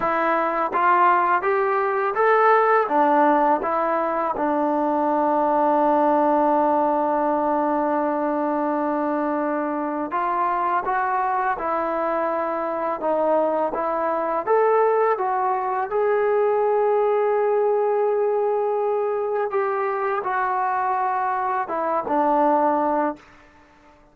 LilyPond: \new Staff \with { instrumentName = "trombone" } { \time 4/4 \tempo 4 = 83 e'4 f'4 g'4 a'4 | d'4 e'4 d'2~ | d'1~ | d'2 f'4 fis'4 |
e'2 dis'4 e'4 | a'4 fis'4 gis'2~ | gis'2. g'4 | fis'2 e'8 d'4. | }